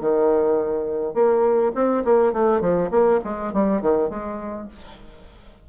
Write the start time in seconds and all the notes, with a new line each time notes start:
0.00 D#3
1.14 A#3
1.74 C4
2.04 A#3
2.32 A3
2.61 F3
2.91 A#3
3.24 G#3
3.53 G3
3.81 D#3
4.10 G#3